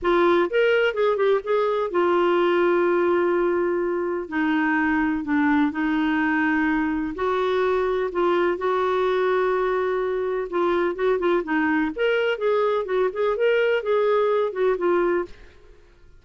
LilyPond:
\new Staff \with { instrumentName = "clarinet" } { \time 4/4 \tempo 4 = 126 f'4 ais'4 gis'8 g'8 gis'4 | f'1~ | f'4 dis'2 d'4 | dis'2. fis'4~ |
fis'4 f'4 fis'2~ | fis'2 f'4 fis'8 f'8 | dis'4 ais'4 gis'4 fis'8 gis'8 | ais'4 gis'4. fis'8 f'4 | }